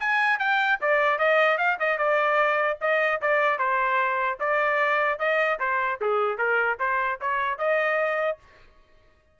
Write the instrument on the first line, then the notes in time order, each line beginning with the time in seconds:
trumpet
0.00 G#5
0.39 G5
0.81 D5
1.19 D#5
1.58 F5
1.80 D#5
1.98 D5
2.81 D#5
3.22 D5
3.59 C5
4.40 D5
5.19 D#5
5.60 C5
6.01 G#4
6.38 A#4
6.80 C5
7.21 C#5
7.58 D#5